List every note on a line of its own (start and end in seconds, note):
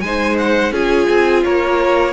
0.00 0.71 G#3
0.00 0.72 D#4
0.00 0.72 C5
0.00 0.35 G#5
0.38 0.73 F#5
0.71 1.06 C#4
0.71 2.13 F4
0.71 1.43 G#4
0.71 1.44 G#5
1.09 1.45 C4
1.44 2.13 A#3
1.44 2.13 A#4
1.44 2.13 C#5